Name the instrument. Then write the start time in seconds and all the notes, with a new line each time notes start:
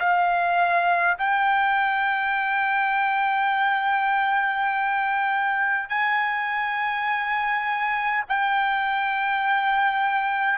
trumpet
0.00 F5
1.18 G5
5.89 G#5
8.29 G5